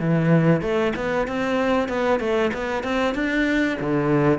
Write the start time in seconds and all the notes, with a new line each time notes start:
0.00 E3
0.62 A3
0.96 B3
1.28 C4
1.89 B3
2.20 A3
2.54 B3
2.84 C4
3.15 D4
3.81 D3